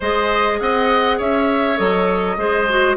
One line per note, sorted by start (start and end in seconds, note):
0.00 0.60 G#3
0.00 1.77 G#4
0.00 0.58 C5
0.00 0.60 D#5
0.60 1.20 C4
0.60 1.17 D#5
0.60 1.19 F#5
1.17 1.79 C#4
1.17 2.36 C#5
1.17 1.78 E5
1.77 2.37 F#3
1.77 2.36 A4
1.77 2.96 D#5
2.37 2.96 G#3
2.37 2.67 G#4
2.37 2.96 C5
2.69 2.96 F#4